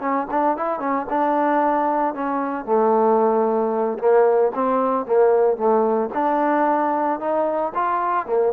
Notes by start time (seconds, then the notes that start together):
0.00 C#4
0.30 D4
0.57 E4
0.79 C#4
1.09 D4
2.14 C#4
2.65 A3
3.98 A#3
4.54 C4
5.05 A#3
5.57 A3
6.14 D4
7.19 D#4
7.74 F4
8.26 A#3